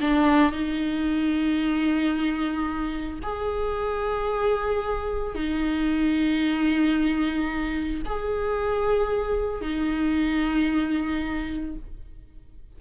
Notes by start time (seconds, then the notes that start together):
0.00 D4
0.52 D#4
3.23 G#4
5.34 D#4
8.05 G#4
9.61 D#4